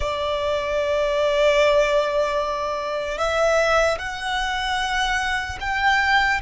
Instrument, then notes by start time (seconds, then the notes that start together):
violin
0.00 D5
3.17 E5
3.98 F#5
5.60 G5